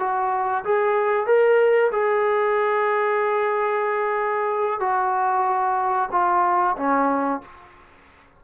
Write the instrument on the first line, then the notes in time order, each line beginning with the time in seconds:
trombone
0.00 F#4
0.65 G#4
1.27 A#4
1.92 G#4
4.81 F#4
6.12 F4
6.77 C#4